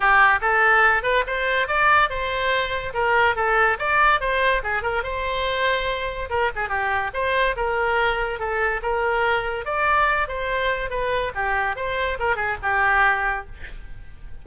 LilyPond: \new Staff \with { instrumentName = "oboe" } { \time 4/4 \tempo 4 = 143 g'4 a'4. b'8 c''4 | d''4 c''2 ais'4 | a'4 d''4 c''4 gis'8 ais'8 | c''2. ais'8 gis'8 |
g'4 c''4 ais'2 | a'4 ais'2 d''4~ | d''8 c''4. b'4 g'4 | c''4 ais'8 gis'8 g'2 | }